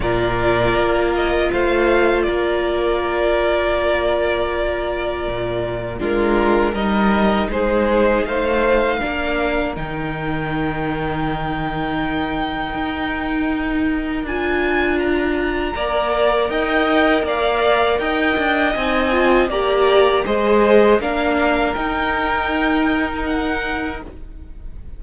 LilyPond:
<<
  \new Staff \with { instrumentName = "violin" } { \time 4/4 \tempo 4 = 80 d''4. dis''8 f''4 d''4~ | d''1 | ais'4 dis''4 c''4 f''4~ | f''4 g''2.~ |
g''2. gis''4 | ais''2 g''4 f''4 | g''4 gis''4 ais''4 dis''4 | f''4 g''2 fis''4 | }
  \new Staff \with { instrumentName = "violin" } { \time 4/4 ais'2 c''4 ais'4~ | ais'1 | f'4 ais'4 gis'4 c''4 | ais'1~ |
ais'1~ | ais'4 d''4 dis''4 d''4 | dis''2 d''4 c''4 | ais'1 | }
  \new Staff \with { instrumentName = "viola" } { \time 4/4 f'1~ | f'1 | d'4 dis'2. | d'4 dis'2.~ |
dis'2. f'4~ | f'4 ais'2.~ | ais'4 dis'8 f'8 g'4 gis'4 | d'4 dis'2. | }
  \new Staff \with { instrumentName = "cello" } { \time 4/4 ais,4 ais4 a4 ais4~ | ais2. ais,4 | gis4 g4 gis4 a4 | ais4 dis2.~ |
dis4 dis'2 d'4~ | d'4 ais4 dis'4 ais4 | dis'8 d'8 c'4 ais4 gis4 | ais4 dis'2. | }
>>